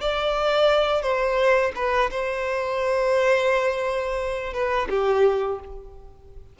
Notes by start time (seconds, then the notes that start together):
0.00 D5
1.02 C5
1.75 B4
2.10 C5
4.53 B4
4.89 G4